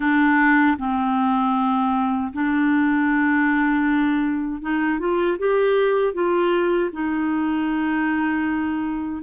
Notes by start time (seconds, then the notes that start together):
0.00 D4
0.78 C4
2.33 D4
4.61 D#4
4.99 F4
5.38 G4
6.13 F4
6.92 D#4